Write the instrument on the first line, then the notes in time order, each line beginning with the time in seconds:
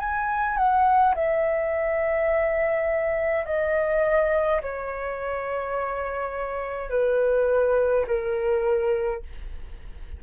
flute
0.00 G#5
0.57 F#5
1.15 E5
3.46 D#5
4.62 C#5
6.90 B4
8.07 A#4